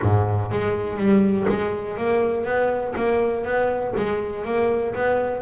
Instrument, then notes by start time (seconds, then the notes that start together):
double bass
0.01 G#2
0.51 G#3
0.97 G3
1.48 G#3
1.97 A#3
2.45 B3
2.96 A#3
3.44 B3
3.96 G#3
4.45 A#3
4.94 B3